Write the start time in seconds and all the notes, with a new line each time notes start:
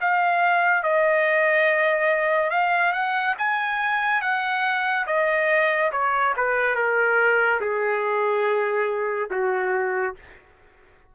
0.00 F5
0.83 D#5
2.50 F5
2.92 F#5
3.38 G#5
4.21 F#5
5.06 D#5
5.92 C#5
6.36 B4
6.75 A#4
7.60 G#4
9.30 F#4